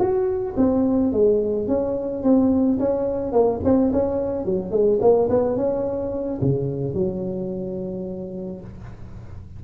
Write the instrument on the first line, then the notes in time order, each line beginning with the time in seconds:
tuba
0.00 F#4
0.57 C4
1.13 G#3
1.68 C#4
2.24 C4
2.80 C#4
3.33 A#3
3.64 C4
3.93 C#4
4.46 F#3
4.72 G#3
5.02 A#3
5.30 B3
5.57 C#4
6.42 C#3
6.94 F#3